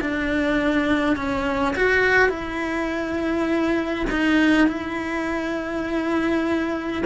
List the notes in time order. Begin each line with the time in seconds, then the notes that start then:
0.00 D4
1.16 C#4
1.76 F#4
2.29 E4
4.10 D#4
4.67 E4